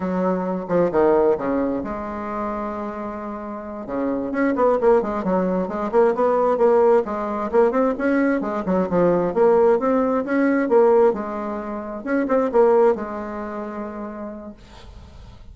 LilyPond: \new Staff \with { instrumentName = "bassoon" } { \time 4/4 \tempo 4 = 132 fis4. f8 dis4 cis4 | gis1~ | gis8 cis4 cis'8 b8 ais8 gis8 fis8~ | fis8 gis8 ais8 b4 ais4 gis8~ |
gis8 ais8 c'8 cis'4 gis8 fis8 f8~ | f8 ais4 c'4 cis'4 ais8~ | ais8 gis2 cis'8 c'8 ais8~ | ais8 gis2.~ gis8 | }